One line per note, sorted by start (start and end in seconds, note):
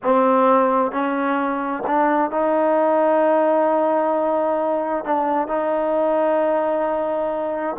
0.02 0.91 C4
0.91 1.83 C#4
1.87 2.30 D4
2.30 5.05 D#4
5.05 5.47 D4
5.47 7.76 D#4